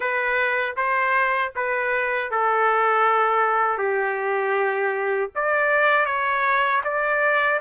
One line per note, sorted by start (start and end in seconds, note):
0.00 0.75 B4
0.76 1.52 C5
1.55 2.31 B4
2.31 3.78 A4
3.78 5.30 G4
5.35 6.05 D5
6.05 6.81 C#5
6.84 7.59 D5